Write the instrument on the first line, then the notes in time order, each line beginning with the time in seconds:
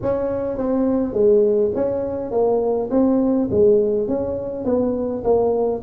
tuba
0.02 C#4
0.57 C4
1.13 G#3
1.74 C#4
2.31 A#3
2.90 C4
3.50 G#3
4.08 C#4
4.64 B3
5.23 A#3